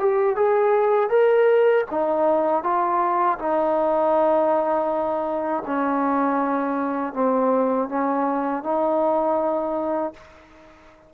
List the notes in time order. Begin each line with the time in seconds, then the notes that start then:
0.00 G4
0.36 G#4
1.10 A#4
1.91 D#4
2.64 F4
3.39 D#4
5.67 C#4
7.14 C4
7.89 C#4
8.64 D#4